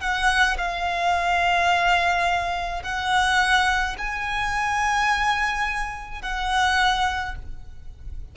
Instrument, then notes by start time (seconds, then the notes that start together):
violin
0.00 F#5
0.58 F5
2.83 F#5
3.98 G#5
6.22 F#5